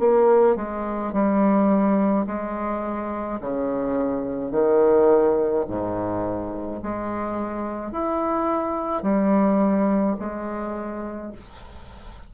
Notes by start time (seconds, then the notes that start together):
0.00 A#3
0.57 G#3
1.13 G3
2.27 G#3
3.41 C#3
4.52 D#3
5.69 G#2
6.83 G#3
7.92 E4
9.03 G3
10.19 G#3